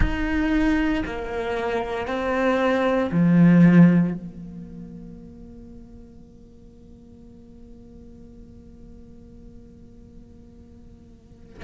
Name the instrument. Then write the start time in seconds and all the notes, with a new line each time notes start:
cello
0.00 D#4
1.05 A#3
2.07 C4
3.11 F3
4.14 A#3